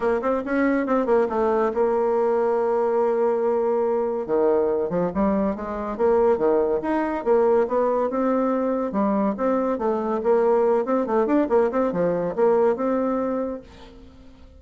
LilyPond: \new Staff \with { instrumentName = "bassoon" } { \time 4/4 \tempo 4 = 141 ais8 c'8 cis'4 c'8 ais8 a4 | ais1~ | ais2 dis4. f8 | g4 gis4 ais4 dis4 |
dis'4 ais4 b4 c'4~ | c'4 g4 c'4 a4 | ais4. c'8 a8 d'8 ais8 c'8 | f4 ais4 c'2 | }